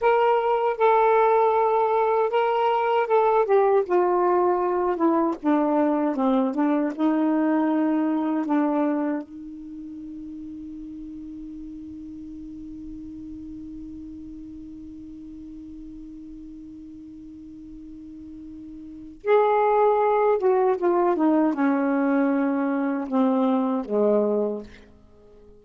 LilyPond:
\new Staff \with { instrumentName = "saxophone" } { \time 4/4 \tempo 4 = 78 ais'4 a'2 ais'4 | a'8 g'8 f'4. e'8 d'4 | c'8 d'8 dis'2 d'4 | dis'1~ |
dis'1~ | dis'1~ | dis'4 gis'4. fis'8 f'8 dis'8 | cis'2 c'4 gis4 | }